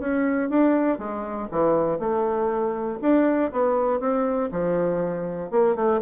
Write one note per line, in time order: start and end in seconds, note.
0.00 0.50 C#4
0.50 0.99 D4
0.99 1.49 G#3
1.52 2.00 E3
2.00 3.00 A3
3.02 3.52 D4
3.52 4.00 B3
4.00 4.50 C4
4.52 5.51 F3
5.51 5.76 A#3
5.76 6.01 A3